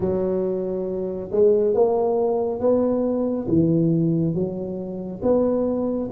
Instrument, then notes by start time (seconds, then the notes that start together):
tuba
0.00 F#3
1.31 G#3
1.74 A#3
2.60 B3
3.47 E3
4.34 F#3
5.22 B3